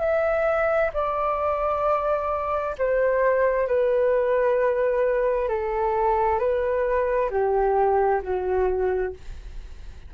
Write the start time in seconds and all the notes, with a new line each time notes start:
0.00 E5
0.94 D5
2.79 C5
3.67 B4
5.49 A4
6.39 B4
7.31 G4
8.23 F#4